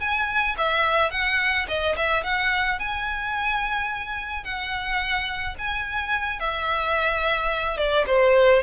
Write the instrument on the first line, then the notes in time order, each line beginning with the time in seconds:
violin
0.00 G#5
0.58 E5
1.11 F#5
1.68 D#5
1.97 E5
2.24 F#5
2.80 G#5
4.44 F#5
5.59 G#5
6.40 E5
7.77 D5
8.07 C5